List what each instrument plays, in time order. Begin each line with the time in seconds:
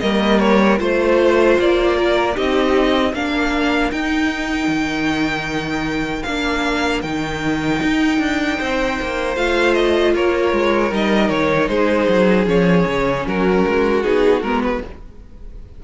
0.00 cello G3, viola A#3, violin A#4 D#5
0.39 violin C#5
0.78 cello A3, viola F4, violin C5
1.59 cello A#3, violin D5
1.97 violin A#4
2.35 cello C4, viola D#4, violin G4 D#5
3.12 cello A#3, viola D4, violin A#4 F5
3.92 cello D#4, viola D#4, violin G5
4.67 cello D#3
6.23 cello A#3, viola D4, violin F5
7.02 cello D#3, viola D#4, violin G5
7.82 cello D#4
8.19 cello D4
8.57 cello C4, violin C5
9.02 cello A#3
9.36 cello A3, viola F4, violin F5
9.74 violin D#5
10.14 cello A#3, violin A#4 C#5
10.52 cello G#3
10.91 cello G3, viola D#4, violin D#5
11.29 cello D#3, violin C#5
11.68 cello G#3, violin G#4 C5
12.08 cello F#3
12.46 cello F3, viola C#4, violin C#5
12.86 cello C#3
13.26 cello F#3, violin F#4 A#4
13.67 cello G#3
14.03 cello B3, viola D#4, violin G#4
14.42 cello G#3, viola B3, violin A#4
14.63 violin B4